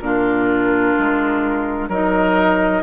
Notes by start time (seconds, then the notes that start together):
0.00 A#2 D4 F4 A#4
0.98 G#3
1.88 F#3 D#4 A#4 D#5